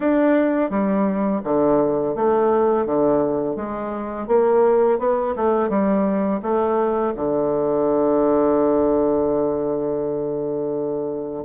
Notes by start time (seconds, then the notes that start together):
0.00 D4
0.69 G3
1.44 D3
2.15 A3
2.85 D3
3.56 G#3
4.27 A#3
4.98 B3
5.36 A3
5.69 G3
6.42 A3
7.15 D3